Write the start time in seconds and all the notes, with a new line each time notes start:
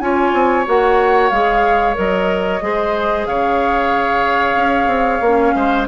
0.00 C#4 F4 C#5 G#5
0.33 C4
0.66 A#3 F#4 F#5
1.30 G#3 G#4 F5
1.95 F#3 A#4 D#5
2.62 G#3 G#4 C5
3.27 C#3 C#5 F5
4.56 C#4
4.88 C4
5.21 A#3 C#4
5.55 G#3 C5